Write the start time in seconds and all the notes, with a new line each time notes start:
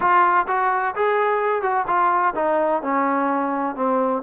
0.00 F4
0.47 F#4
0.95 G#4
1.62 F#4
1.87 F4
2.35 D#4
2.82 C#4
3.75 C4